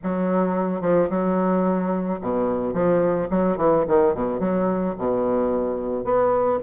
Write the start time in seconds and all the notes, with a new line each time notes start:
0.03 F#3
0.81 F3
1.09 F#3
2.21 B2
2.73 F3
3.30 F#3
3.57 E3
3.87 D#3
4.14 B2
4.39 F#3
4.98 B2
6.04 B3